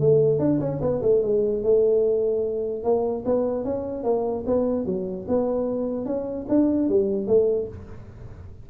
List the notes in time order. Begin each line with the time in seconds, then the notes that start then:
0.00 A3
0.39 D4
0.60 C#4
0.81 B3
1.02 A3
1.23 G#3
1.63 A3
2.84 A#3
3.25 B3
3.64 C#4
4.04 A#3
4.47 B3
4.86 F#3
5.28 B3
6.06 C#4
6.49 D4
6.89 G3
7.28 A3